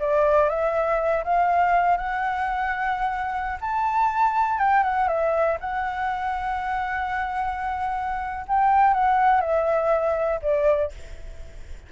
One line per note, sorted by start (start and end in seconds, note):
0.00 0.50 D5
0.50 1.24 E5
1.25 1.98 F5
1.98 3.59 F#5
3.61 4.59 A5
4.59 4.84 G5
4.84 5.08 F#5
5.08 5.58 E5
5.61 8.46 F#5
8.48 8.94 G5
8.94 9.41 F#5
9.41 10.40 E5
10.42 10.92 D5